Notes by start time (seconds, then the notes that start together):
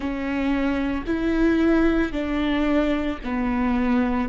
0.00 C#4
1.06 E4
2.12 D4
3.23 B3